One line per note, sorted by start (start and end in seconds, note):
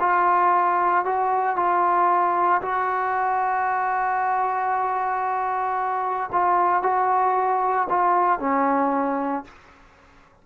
0.00 1.05 F4
1.05 1.56 F#4
1.56 2.62 F4
2.62 6.31 F#4
6.33 6.83 F4
6.83 7.88 F#4
7.89 8.40 F4
8.40 9.45 C#4